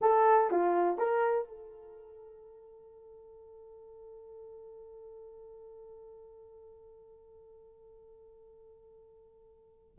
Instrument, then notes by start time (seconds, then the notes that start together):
horn
0.01 A4
0.50 F4
0.97 A#4
1.48 A4